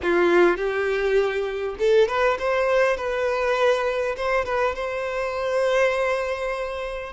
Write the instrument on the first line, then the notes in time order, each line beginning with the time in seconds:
violin
0.02 F4
0.56 G4
1.78 A4
2.08 B4
2.38 C5
2.96 B4
4.16 C5
4.45 B4
4.75 C5